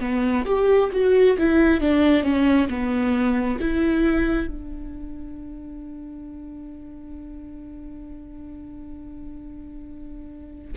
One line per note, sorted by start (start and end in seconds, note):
0.00 0.45 B3
0.45 0.90 G4
0.92 1.37 F#4
1.38 1.80 E4
1.80 2.23 D4
2.23 2.67 C#4
2.69 3.59 B3
3.60 4.47 E4
4.47 10.74 D4